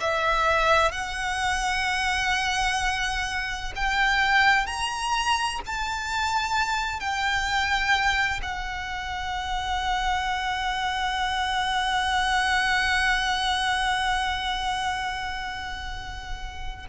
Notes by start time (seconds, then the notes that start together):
0.00 E5
0.91 F#5
3.75 G5
4.66 A#5
5.65 A5
6.99 G5
8.42 F#5